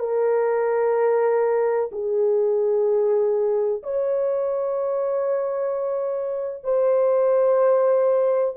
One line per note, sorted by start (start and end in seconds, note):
0.00 1.90 A#4
1.92 3.83 G#4
3.83 6.65 C#5
6.65 8.55 C5